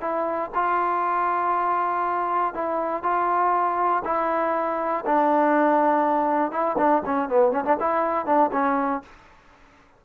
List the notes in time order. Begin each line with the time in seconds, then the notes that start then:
0.00 E4
0.54 F4
2.54 E4
3.02 F4
4.04 E4
5.05 D4
6.51 E4
6.77 D4
7.05 C#4
7.29 B3
7.51 C#4
7.64 D4
7.80 E4
8.25 D4
8.52 C#4